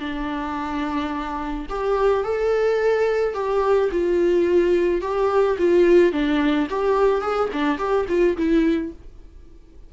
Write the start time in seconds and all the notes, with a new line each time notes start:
0.00 D4
1.70 G4
2.24 A4
3.34 G4
3.92 F4
5.02 G4
5.59 F4
6.12 D4
6.70 G4
7.22 G#4
7.53 D4
7.78 G4
8.09 F4
8.37 E4